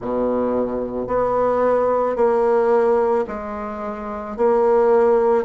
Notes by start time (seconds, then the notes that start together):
0.01 B2
1.07 B3
2.16 A#3
3.27 G#3
4.36 A#3